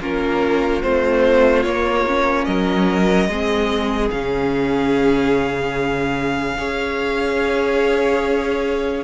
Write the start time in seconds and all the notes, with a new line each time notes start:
0.00 A#3 C#4 F4 A#4
0.82 A3 C4 C5
1.63 A#3 C#5
2.07 C#4
2.45 F#3 A#4 D#5
3.28 G#3 C4 G#4
4.11 C#3 C#4 F5
6.58 C#4 G#4 C#5